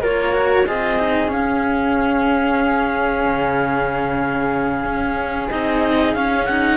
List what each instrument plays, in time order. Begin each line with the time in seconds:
0.00 cello A#3 F4, flute A#4, clarinet C#5
0.33 cello F#4
0.65 cello C4 F4, flute G#4, clarinet D#5
0.99 cello D#4
1.28 cello C#4, clarinet F5
3.25 cello C#3
4.84 cello C#4
5.49 cello C4 D#4, clarinet D#5
6.14 cello C#4, clarinet F5
6.45 cello D#4, clarinet F#5